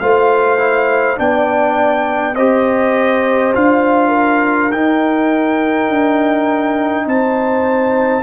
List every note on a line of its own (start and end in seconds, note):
0.00 1.18 A3
0.00 0.58 F4
0.00 1.19 C5
0.00 1.18 F5
0.58 1.16 E4
1.16 2.36 B3
1.16 2.34 D4
1.16 2.35 D5
1.16 2.35 G5
2.35 3.54 C4
2.35 3.54 G4
2.35 4.08 C5
2.35 3.53 D#5
3.54 4.72 D4
3.54 4.71 F4
3.54 4.72 F5
4.08 7.02 A#4
4.72 5.89 D#4
4.72 8.23 D#4
4.72 7.07 G5
5.89 7.06 D4
7.06 8.23 C4
7.06 8.23 C5
7.06 8.23 A5